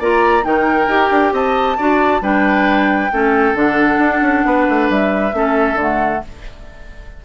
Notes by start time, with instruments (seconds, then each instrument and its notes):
0.00 bassoon A#3, clarinet F4, oboe D5, flute A#5
0.43 bassoon D#3, clarinet D#4, oboe A#4, flute G5
0.88 bassoon D#4, clarinet G4
1.11 bassoon D4
1.33 bassoon C4, oboe D#5, flute A5
1.77 bassoon D4, clarinet F#4, oboe D5
2.22 bassoon G3, clarinet D4, oboe B4, flute G5
3.12 bassoon A3, clarinet C#4, oboe A4
3.55 bassoon D3, clarinet D4, flute F#5
3.99 bassoon D4
4.22 bassoon C#4
4.46 bassoon B3, oboe B4
4.69 bassoon A3
4.90 bassoon G3, flute E5
5.33 bassoon A3, clarinet C#4, oboe A4
5.75 bassoon D3, clarinet A3, flute F#5